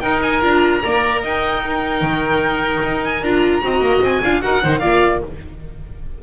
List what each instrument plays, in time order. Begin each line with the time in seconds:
0.00 viola D#4, double bass D#4, oboe A#4, violin G5
0.23 violin G#5
0.41 double bass D4, viola F4, violin A#5
0.83 double bass A#3, viola A#4, oboe D5
1.22 double bass D#4, oboe D#5, violin G5
1.63 viola D#4, oboe A#4
2.01 double bass D#3
2.84 double bass D#4
3.05 violin G#5
3.23 double bass D4, viola F4, violin A#5
3.62 double bass C4, viola F#4, oboe D#5
3.80 double bass A#3
4.01 double bass C4, violin G#5
4.23 double bass D4, viola F4, oboe F5
4.41 double bass D#4, viola F#4, oboe A#4, violin F#5
4.63 double bass D#3, viola D#4, oboe C5
4.79 double bass A#3, viola F4, oboe D5, violin F5